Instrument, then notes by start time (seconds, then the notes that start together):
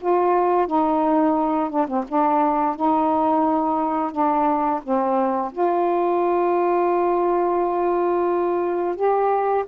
saxophone
0.00 F4
0.67 D#4
1.70 D4
1.87 C4
2.08 D4
2.76 D#4
4.12 D4
4.82 C4
5.52 F4
8.95 G4